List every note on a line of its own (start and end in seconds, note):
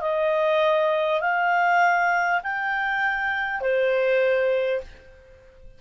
0.00 1.20 D#5
1.21 2.41 F5
2.43 3.60 G5
3.60 4.80 C5